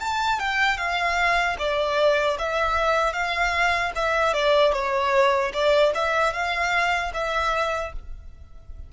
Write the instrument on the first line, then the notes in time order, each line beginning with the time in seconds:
violin
0.00 A5
0.39 G5
0.77 F5
1.59 D5
2.39 E5
3.13 F5
3.95 E5
4.33 D5
4.73 C#5
5.53 D5
5.95 E5
6.33 F5
7.14 E5